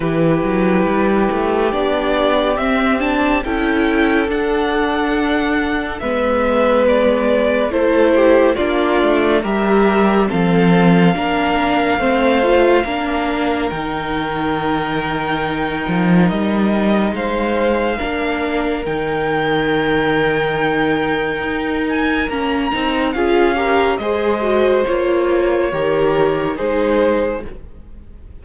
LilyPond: <<
  \new Staff \with { instrumentName = "violin" } { \time 4/4 \tempo 4 = 70 b'2 d''4 e''8 a''8 | g''4 fis''2 e''4 | d''4 c''4 d''4 e''4 | f''1 |
g''2. dis''4 | f''2 g''2~ | g''4. gis''8 ais''4 f''4 | dis''4 cis''2 c''4 | }
  \new Staff \with { instrumentName = "violin" } { \time 4/4 g'1 | a'2. b'4~ | b'4 a'8 g'8 f'4 ais'4 | a'4 ais'4 c''4 ais'4~ |
ais'1 | c''4 ais'2.~ | ais'2. gis'8 ais'8 | c''2 ais'4 gis'4 | }
  \new Staff \with { instrumentName = "viola" } { \time 4/4 e'2 d'4 c'8 d'8 | e'4 d'2 b4~ | b4 e'4 d'4 g'4 | c'4 d'4 c'8 f'8 d'4 |
dis'1~ | dis'4 d'4 dis'2~ | dis'2 cis'8 dis'8 f'8 g'8 | gis'8 fis'8 f'4 g'4 dis'4 | }
  \new Staff \with { instrumentName = "cello" } { \time 4/4 e8 fis8 g8 a8 b4 c'4 | cis'4 d'2 gis4~ | gis4 a4 ais8 a8 g4 | f4 ais4 a4 ais4 |
dis2~ dis8 f8 g4 | gis4 ais4 dis2~ | dis4 dis'4 ais8 c'8 cis'4 | gis4 ais4 dis4 gis4 | }
>>